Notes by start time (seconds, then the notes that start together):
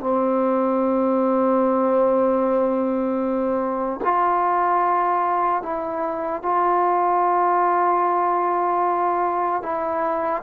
0.00 C4
4.04 F4
5.63 E4
6.43 F4
9.63 E4